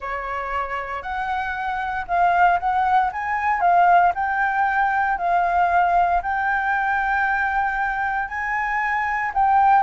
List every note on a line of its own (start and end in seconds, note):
0.00 1.02 C#5
1.02 2.05 F#5
2.07 2.59 F5
2.59 3.11 F#5
3.12 3.60 G#5
3.60 4.12 F5
4.14 5.18 G5
5.18 6.21 F5
6.22 8.28 G5
8.28 9.31 G#5
9.33 9.82 G5